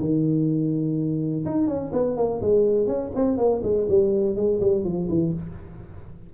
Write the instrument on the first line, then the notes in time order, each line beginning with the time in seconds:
tuba
0.00 D#3
1.46 D#4
1.68 C#4
1.93 B3
2.17 A#3
2.42 G#3
2.87 C#4
3.15 C4
3.37 A#3
3.63 G#3
3.89 G3
4.36 G#3
4.60 G3
4.84 F3
5.09 E3